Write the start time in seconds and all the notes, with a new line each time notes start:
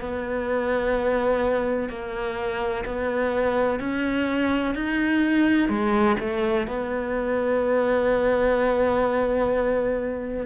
0.00 B3
1.89 A#3
2.85 B3
3.80 C#4
4.75 D#4
5.69 G#3
6.19 A3
6.67 B3